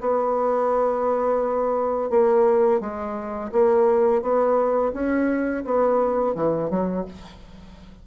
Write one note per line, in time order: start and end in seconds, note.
0.00 2.10 B3
2.10 2.80 A#3
2.80 3.51 G#3
3.52 4.22 A#3
4.22 4.92 B3
4.93 5.64 C#4
5.64 6.34 B3
6.34 6.70 E3
6.70 7.05 F#3